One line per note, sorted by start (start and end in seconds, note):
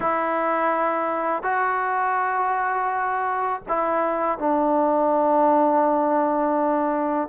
0.00 1.42 E4
1.42 3.62 F#4
3.68 4.38 E4
4.38 7.28 D4